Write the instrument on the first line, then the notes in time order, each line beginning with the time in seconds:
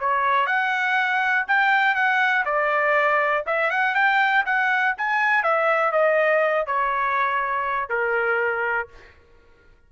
trumpet
0.00 C#5
0.47 F#5
1.48 G5
1.95 F#5
2.46 D5
3.47 E5
3.71 F#5
3.95 G5
4.46 F#5
4.98 G#5
5.44 E5
5.93 D#5
6.67 C#5
7.90 A#4